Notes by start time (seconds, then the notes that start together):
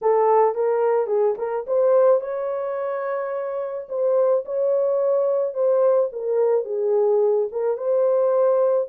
0.01 A4
0.54 A#4
1.07 G#4
1.38 A#4
1.67 C5
2.20 C#5
3.88 C5
4.45 C#5
5.54 C5
6.12 A#4
6.65 G#4
7.52 A#4
7.77 C5